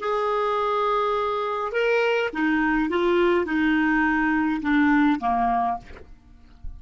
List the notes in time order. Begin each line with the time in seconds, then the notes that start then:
0.00 G#4
1.72 A#4
2.33 D#4
2.90 F4
3.45 D#4
4.62 D4
5.20 A#3